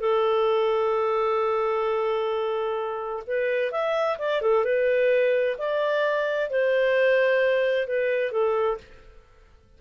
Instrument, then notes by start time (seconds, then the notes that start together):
clarinet
0.00 A4
3.26 B4
3.72 E5
4.19 D5
4.41 A4
4.64 B4
5.58 D5
6.50 C5
7.87 B4
8.31 A4